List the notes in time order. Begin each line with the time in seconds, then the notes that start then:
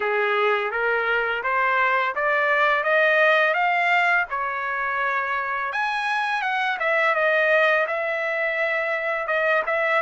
0.00 G#4
0.71 A#4
1.43 C5
2.15 D5
2.83 D#5
3.54 F5
4.30 C#5
5.72 G#5
6.42 F#5
6.79 E5
7.14 D#5
7.87 E5
9.27 D#5
9.66 E5